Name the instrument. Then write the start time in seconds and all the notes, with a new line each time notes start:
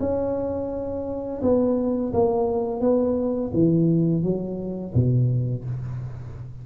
tuba
0.00 C#4
1.42 B3
2.13 A#3
2.80 B3
3.54 E3
4.23 F#3
4.94 B2